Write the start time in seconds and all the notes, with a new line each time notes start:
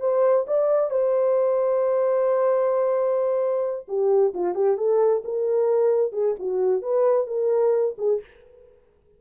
0.00 C5
0.47 D5
0.90 C5
3.88 G4
4.34 F4
4.55 G4
4.77 A4
5.24 A#4
6.12 G#4
6.39 F#4
6.82 B4
7.27 A#4
7.98 G#4